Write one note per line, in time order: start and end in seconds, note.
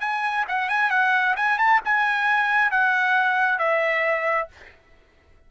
0.00 0.45 G#5
0.48 0.69 F#5
0.69 0.90 G#5
0.90 1.35 F#5
1.36 1.58 G#5
1.58 1.80 A5
1.84 2.71 G#5
2.71 3.59 F#5
3.59 4.48 E5